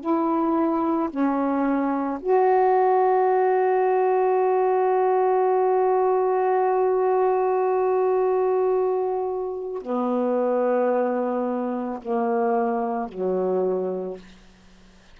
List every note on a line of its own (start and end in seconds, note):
0.00 1.09 E4
1.10 2.19 C#4
2.20 9.82 F#4
9.82 12.00 B3
12.01 13.08 A#3
13.08 14.17 F#3